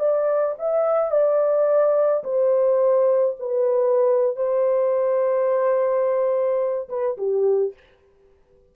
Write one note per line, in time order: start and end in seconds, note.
0.00 0.56 D5
0.59 1.12 E5
1.12 2.24 D5
2.24 3.36 C5
3.40 4.37 B4
4.37 6.89 C5
6.90 7.18 B4
7.18 7.74 G4